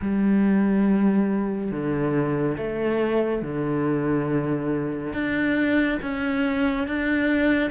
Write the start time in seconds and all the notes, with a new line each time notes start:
0.01 G3
1.71 D3
2.57 A3
3.42 D3
5.13 D4
6.02 C#4
6.86 D4